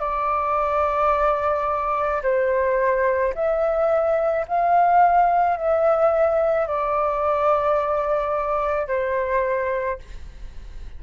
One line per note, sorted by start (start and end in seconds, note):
0.00 2.22 D5
2.23 3.34 C5
3.34 4.45 E5
4.48 5.57 F5
5.57 6.67 E5
6.67 8.87 D5
8.87 9.98 C5